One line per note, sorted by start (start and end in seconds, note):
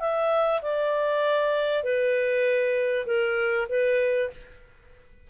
0.00 0.61 E5
0.62 1.84 D5
1.84 3.06 B4
3.06 3.68 A#4
3.69 4.31 B4